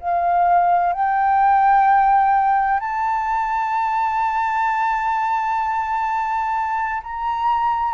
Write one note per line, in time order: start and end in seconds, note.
0.00 0.93 F5
0.93 2.80 G5
2.80 7.02 A5
7.03 7.94 A#5